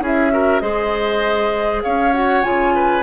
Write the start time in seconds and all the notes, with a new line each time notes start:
0.00 C#4 E4 G#4 E5
0.30 F#4 A#4
0.60 G#3 G#4 C5 D#5
1.83 C#4 C#5 F5
2.13 F#4 F#5
2.43 C#3 F4 G#5
2.74 B4